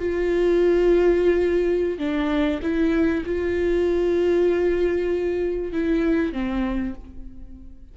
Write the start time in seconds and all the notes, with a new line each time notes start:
0.00 F4
1.99 D4
2.63 E4
3.26 F4
5.73 E4
6.33 C4